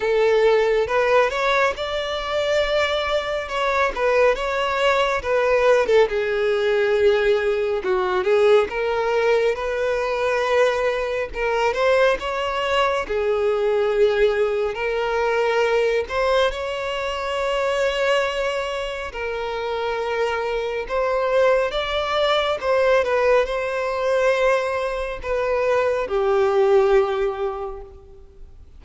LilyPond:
\new Staff \with { instrumentName = "violin" } { \time 4/4 \tempo 4 = 69 a'4 b'8 cis''8 d''2 | cis''8 b'8 cis''4 b'8. a'16 gis'4~ | gis'4 fis'8 gis'8 ais'4 b'4~ | b'4 ais'8 c''8 cis''4 gis'4~ |
gis'4 ais'4. c''8 cis''4~ | cis''2 ais'2 | c''4 d''4 c''8 b'8 c''4~ | c''4 b'4 g'2 | }